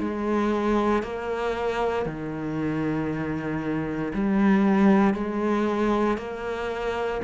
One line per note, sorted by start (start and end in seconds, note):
0.00 1.03 G#3
1.03 2.06 A#3
2.06 4.13 D#3
4.14 5.14 G3
5.14 6.18 G#3
6.18 7.21 A#3